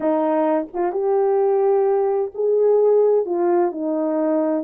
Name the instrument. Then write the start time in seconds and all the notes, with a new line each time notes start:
horn
0.00 D#4
0.73 F4
0.92 G4
2.34 G#4
3.25 F4
3.71 D#4